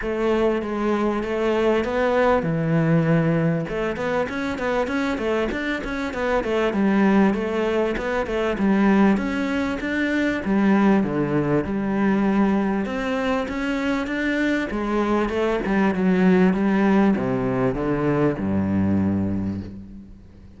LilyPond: \new Staff \with { instrumentName = "cello" } { \time 4/4 \tempo 4 = 98 a4 gis4 a4 b4 | e2 a8 b8 cis'8 b8 | cis'8 a8 d'8 cis'8 b8 a8 g4 | a4 b8 a8 g4 cis'4 |
d'4 g4 d4 g4~ | g4 c'4 cis'4 d'4 | gis4 a8 g8 fis4 g4 | c4 d4 g,2 | }